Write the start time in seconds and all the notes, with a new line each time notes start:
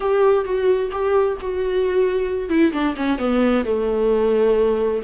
0.00 G4
0.44 F#4
0.91 G4
1.41 F#4
2.49 E4
2.72 D4
2.96 C#4
3.18 B3
3.65 A3